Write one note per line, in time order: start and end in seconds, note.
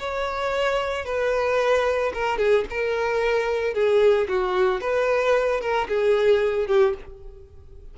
0.00 1.06 C#5
1.06 2.13 B4
2.14 2.38 A#4
2.38 2.65 G#4
2.71 3.75 A#4
3.75 4.28 G#4
4.29 4.81 F#4
4.81 5.61 B4
5.61 5.88 A#4
5.89 6.68 G#4
6.68 6.95 G4